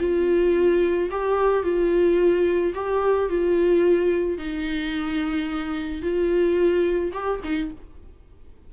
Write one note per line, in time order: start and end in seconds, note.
0.00 1.10 F4
1.11 1.63 G4
1.63 2.73 F4
2.74 3.30 G4
3.30 4.38 F4
4.38 6.02 D#4
6.02 7.12 F4
7.13 7.41 G4
7.44 7.71 D#4